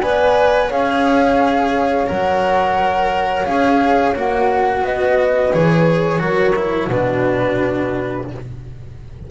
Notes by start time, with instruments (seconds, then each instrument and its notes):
0.00 double bass B3, cello B4, horn D5, flute G#5
0.67 double bass C#4, cello G#4, horn C#5, flute F5
2.07 double bass F#3, cello A#4, flute F#5
3.45 double bass C#4, cello G#4, flute F5
4.15 double bass A#3, cello F#4, flute F#5
4.81 double bass B3, horn B4, flute D#5
5.52 double bass E3, cello G#4, flute C#5
6.19 double bass F#3, cello F#4, horn A#4
6.55 cello E4
6.87 double bass B2, cello D4, horn F#4, flute B4